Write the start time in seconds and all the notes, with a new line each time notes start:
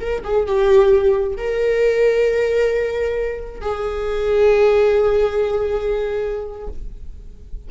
0.00 A#4
0.24 G#4
0.46 G4
1.37 A#4
3.61 G#4